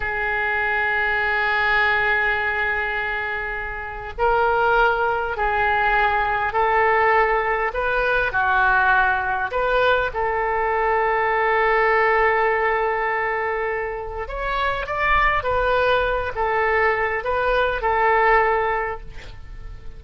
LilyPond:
\new Staff \with { instrumentName = "oboe" } { \time 4/4 \tempo 4 = 101 gis'1~ | gis'2. ais'4~ | ais'4 gis'2 a'4~ | a'4 b'4 fis'2 |
b'4 a'2.~ | a'1 | cis''4 d''4 b'4. a'8~ | a'4 b'4 a'2 | }